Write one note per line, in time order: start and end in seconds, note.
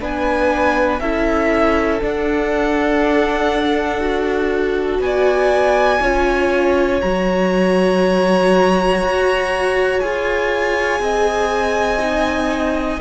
0.00 1.00 B3
0.00 1.00 D4
0.00 1.01 B4
0.00 1.00 G#5
1.00 2.00 C#4
1.00 2.02 E4
1.00 5.01 A4
1.00 2.00 E5
2.02 4.01 D4
2.02 4.99 D4
2.02 5.01 F#5
4.01 6.01 F#4
4.99 5.99 B3
4.99 7.01 G#5
5.06 6.02 D5
6.01 7.01 C#4
6.01 7.02 F4
6.01 11.02 C#5
7.02 9.02 F#3
7.02 10.01 F#4
7.02 10.00 A#5
9.02 10.02 F#4
10.00 11.00 F4
10.00 11.99 G#4
10.00 13.00 G#5
11.00 13.00 C4
11.00 13.01 D#5
11.99 12.99 D#4